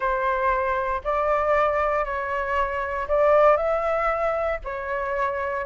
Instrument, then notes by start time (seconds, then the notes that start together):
flute
0.00 C5
1.03 D5
2.04 C#5
3.07 D5
3.56 E5
4.64 C#5